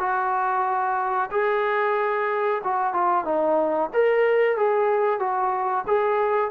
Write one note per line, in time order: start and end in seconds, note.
0.00 1.30 F#4
1.32 2.62 G#4
2.64 2.94 F#4
2.94 3.25 F4
3.25 3.90 D#4
3.94 4.57 A#4
4.57 5.20 G#4
5.20 5.85 F#4
5.88 6.51 G#4